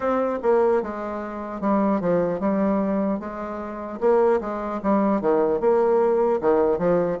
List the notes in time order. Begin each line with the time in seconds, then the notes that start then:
0.00 C4
0.42 A#3
0.82 G#3
1.60 G3
2.00 F3
2.40 G3
3.19 G#3
4.00 A#3
4.40 G#3
4.82 G3
5.21 D#3
5.60 A#3
6.41 D#3
6.78 F3